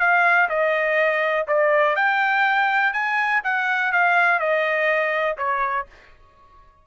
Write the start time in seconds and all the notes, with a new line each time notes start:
0.00 F5
0.49 D#5
1.47 D5
1.96 G5
2.93 G#5
3.44 F#5
3.92 F5
4.39 D#5
5.37 C#5